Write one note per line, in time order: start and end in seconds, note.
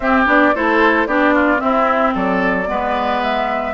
0.00 0.25 C4
0.00 0.26 C4
0.00 0.55 G4
0.00 0.24 E5
0.26 0.53 B3
0.26 0.53 D4
0.26 0.55 D5
0.54 1.06 A3
0.54 1.08 E4
0.54 1.07 A4
0.54 1.06 C5
1.06 1.60 B3
1.06 1.57 D4
1.06 1.34 G4
1.06 1.59 D5
1.34 1.60 F4
1.57 2.64 C4
1.57 2.14 C4
1.57 2.14 E4
1.57 2.13 E5
2.14 2.68 F#3
2.14 2.67 A4
2.14 3.22 D5
2.67 3.74 G#3
2.67 3.74 B3
2.67 3.74 B4
3.22 3.74 E5